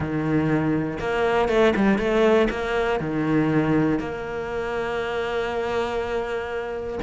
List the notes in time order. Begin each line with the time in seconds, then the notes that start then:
0.00 D#3
0.99 A#3
1.48 A3
1.76 G3
1.98 A3
2.50 A#3
3.00 D#3
3.99 A#3